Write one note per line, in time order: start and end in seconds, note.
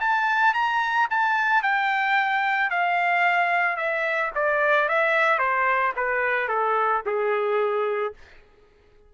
0.00 0.54 A5
0.54 1.08 A#5
1.10 1.62 A5
1.62 2.70 G5
2.70 3.77 F5
3.77 4.31 E5
4.35 4.88 D5
4.88 5.38 E5
5.38 5.92 C5
5.96 6.48 B4
6.48 7.02 A4
7.06 8.14 G#4